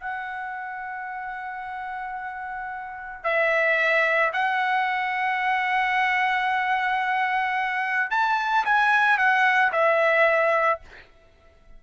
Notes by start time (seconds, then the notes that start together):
0.00 F#5
3.24 E5
4.33 F#5
8.10 A5
8.65 G#5
9.18 F#5
9.72 E5